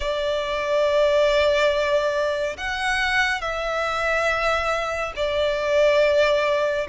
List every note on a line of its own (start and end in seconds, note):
0.00 2.56 D5
2.57 3.41 F#5
3.41 5.12 E5
5.15 6.87 D5